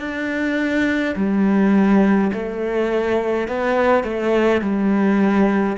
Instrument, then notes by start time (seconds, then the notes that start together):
cello
0.00 D4
1.16 G3
2.33 A3
3.48 B3
4.04 A3
4.62 G3